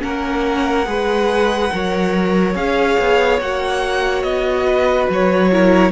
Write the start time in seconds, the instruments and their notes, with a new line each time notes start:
0.00 cello A#3, viola C#4, violin A#4 F#5
0.86 cello G#3, viola G#4, violin B4
1.71 cello F#3, viola A#4, violin C#5
2.55 cello C#4, viola G#4, violin F5
2.99 cello B3
3.41 cello A#3, viola F#4, violin F#5
4.23 cello B3, violin D#5
4.67 violin B4
5.09 cello F#3, violin C#5
5.52 viola E4, violin A#4